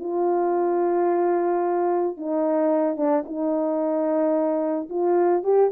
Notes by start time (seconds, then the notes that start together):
0.00 F4
2.17 D#4
2.97 D4
3.26 D#4
4.89 F4
5.43 G4